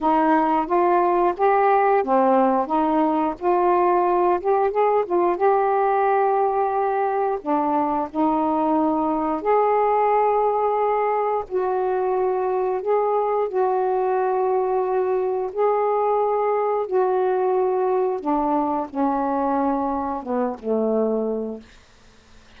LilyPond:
\new Staff \with { instrumentName = "saxophone" } { \time 4/4 \tempo 4 = 89 dis'4 f'4 g'4 c'4 | dis'4 f'4. g'8 gis'8 f'8 | g'2. d'4 | dis'2 gis'2~ |
gis'4 fis'2 gis'4 | fis'2. gis'4~ | gis'4 fis'2 d'4 | cis'2 b8 a4. | }